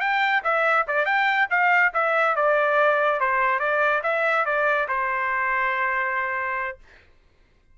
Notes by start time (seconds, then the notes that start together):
0.00 G5
0.44 E5
0.87 D5
1.05 G5
1.50 F5
1.94 E5
2.36 D5
3.20 C5
3.59 D5
4.03 E5
4.45 D5
4.88 C5